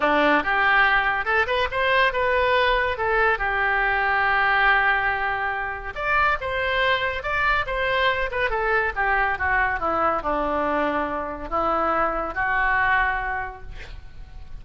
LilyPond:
\new Staff \with { instrumentName = "oboe" } { \time 4/4 \tempo 4 = 141 d'4 g'2 a'8 b'8 | c''4 b'2 a'4 | g'1~ | g'2 d''4 c''4~ |
c''4 d''4 c''4. b'8 | a'4 g'4 fis'4 e'4 | d'2. e'4~ | e'4 fis'2. | }